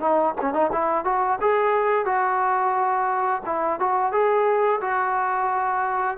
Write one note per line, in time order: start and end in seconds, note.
0.00 0.34 D#4
0.41 0.53 C#4
0.53 0.70 D#4
0.72 1.04 E4
1.04 1.39 F#4
1.41 2.05 G#4
2.05 3.41 F#4
3.45 3.79 E4
3.79 4.12 F#4
4.12 4.80 G#4
4.81 6.17 F#4